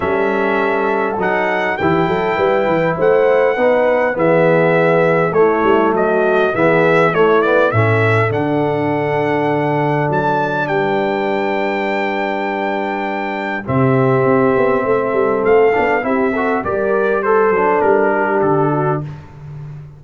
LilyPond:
<<
  \new Staff \with { instrumentName = "trumpet" } { \time 4/4 \tempo 4 = 101 e''2 fis''4 g''4~ | g''4 fis''2 e''4~ | e''4 cis''4 dis''4 e''4 | cis''8 d''8 e''4 fis''2~ |
fis''4 a''4 g''2~ | g''2. e''4~ | e''2 f''4 e''4 | d''4 c''4 ais'4 a'4 | }
  \new Staff \with { instrumentName = "horn" } { \time 4/4 a'2. g'8 a'8 | b'4 c''4 b'4 gis'4~ | gis'4 e'4 fis'4 gis'4 | e'4 a'2.~ |
a'2 b'2~ | b'2. g'4~ | g'4 a'2 g'8 a'8 | ais'4 a'4. g'4 fis'8 | }
  \new Staff \with { instrumentName = "trombone" } { \time 4/4 cis'2 dis'4 e'4~ | e'2 dis'4 b4~ | b4 a2 b4 | a8 b8 cis'4 d'2~ |
d'1~ | d'2. c'4~ | c'2~ c'8 d'8 e'8 fis'8 | g'4 a'8 d'2~ d'8 | }
  \new Staff \with { instrumentName = "tuba" } { \time 4/4 g2 fis4 e8 fis8 | g8 e8 a4 b4 e4~ | e4 a8 g8 fis4 e4 | a4 a,4 d2~ |
d4 fis4 g2~ | g2. c4 | c'8 b8 a8 g8 a8 b8 c'4 | g4. fis8 g4 d4 | }
>>